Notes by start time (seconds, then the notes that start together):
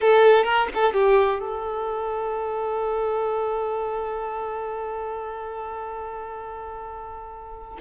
0.01 A4
0.44 A#4
0.74 A4
0.93 G4
1.39 A4